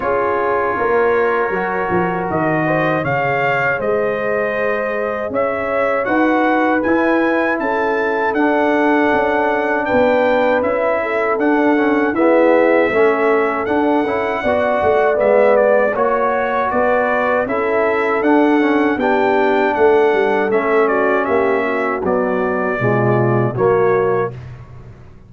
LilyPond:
<<
  \new Staff \with { instrumentName = "trumpet" } { \time 4/4 \tempo 4 = 79 cis''2. dis''4 | f''4 dis''2 e''4 | fis''4 gis''4 a''4 fis''4~ | fis''4 g''4 e''4 fis''4 |
e''2 fis''2 | e''8 d''8 cis''4 d''4 e''4 | fis''4 g''4 fis''4 e''8 d''8 | e''4 d''2 cis''4 | }
  \new Staff \with { instrumentName = "horn" } { \time 4/4 gis'4 ais'2~ ais'8 c''8 | cis''4 c''2 cis''4 | b'2 a'2~ | a'4 b'4. a'4. |
gis'4 a'2 d''4~ | d''4 cis''4 b'4 a'4~ | a'4 g'4 a'4. fis'8 | g'8 fis'4. f'4 fis'4 | }
  \new Staff \with { instrumentName = "trombone" } { \time 4/4 f'2 fis'2 | gis'1 | fis'4 e'2 d'4~ | d'2 e'4 d'8 cis'8 |
b4 cis'4 d'8 e'8 fis'4 | b4 fis'2 e'4 | d'8 cis'8 d'2 cis'4~ | cis'4 fis4 gis4 ais4 | }
  \new Staff \with { instrumentName = "tuba" } { \time 4/4 cis'4 ais4 fis8 f8 dis4 | cis4 gis2 cis'4 | dis'4 e'4 cis'4 d'4 | cis'4 b4 cis'4 d'4 |
e'4 a4 d'8 cis'8 b8 a8 | gis4 ais4 b4 cis'4 | d'4 b4 a8 g8 a4 | ais4 b4 b,4 fis4 | }
>>